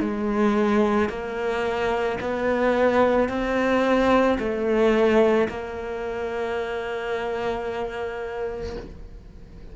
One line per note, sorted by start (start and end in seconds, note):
0.00 1.09 G#3
1.09 2.18 A#3
2.21 3.29 B3
3.29 4.38 C4
4.39 5.48 A3
5.48 8.76 A#3